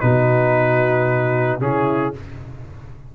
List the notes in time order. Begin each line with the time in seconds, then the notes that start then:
0.00 B2 D#4 F#4 B4
1.60 C#3 C#4 E4 G#4